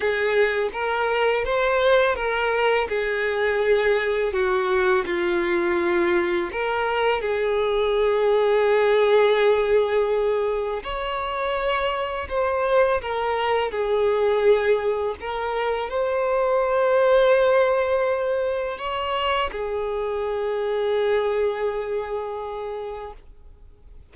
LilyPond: \new Staff \with { instrumentName = "violin" } { \time 4/4 \tempo 4 = 83 gis'4 ais'4 c''4 ais'4 | gis'2 fis'4 f'4~ | f'4 ais'4 gis'2~ | gis'2. cis''4~ |
cis''4 c''4 ais'4 gis'4~ | gis'4 ais'4 c''2~ | c''2 cis''4 gis'4~ | gis'1 | }